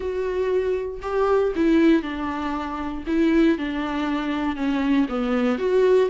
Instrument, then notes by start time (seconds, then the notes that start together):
viola
0.00 F#4
1.01 G4
1.55 E4
2.02 D4
3.06 E4
3.58 D4
4.55 C#4
5.08 B3
5.58 F#4